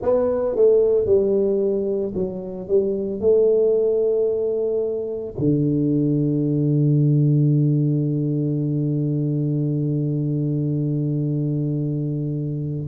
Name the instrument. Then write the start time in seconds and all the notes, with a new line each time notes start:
tuba
0.01 B3
0.56 A3
1.05 G3
2.14 F#3
2.68 G3
3.20 A3
5.38 D3